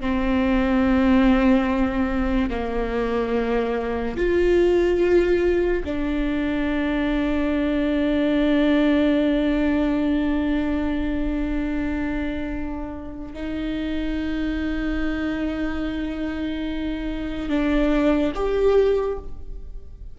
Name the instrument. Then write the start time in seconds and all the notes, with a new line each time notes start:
viola
0.00 C4
2.50 A#3
4.16 F4
5.84 D4
13.33 D#4
17.49 D4
18.34 G4